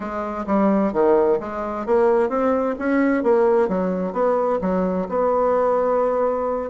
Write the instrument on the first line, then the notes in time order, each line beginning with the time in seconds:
bassoon
0.00 G#3
0.46 G3
0.92 D#3
1.40 G#3
1.85 A#3
2.29 C4
2.78 C#4
3.23 A#3
3.68 F#3
4.13 B3
4.61 F#3
5.08 B3